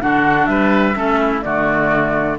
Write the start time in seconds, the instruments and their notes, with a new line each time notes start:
0.00 cello D3, clarinet D4, oboe F#4, flute F#5
0.45 cello G3, oboe B4, flute E5
0.95 cello A3, clarinet C#4, oboe A4
1.20 oboe E4
1.42 cello D3, clarinet A3, oboe F#4, flute D5